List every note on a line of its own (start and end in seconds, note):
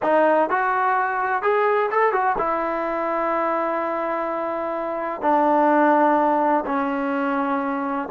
0.02 0.49 D#4
0.49 1.42 F#4
1.42 1.90 G#4
1.91 2.12 A4
2.12 2.36 F#4
2.38 5.21 E4
5.21 6.64 D4
6.65 8.08 C#4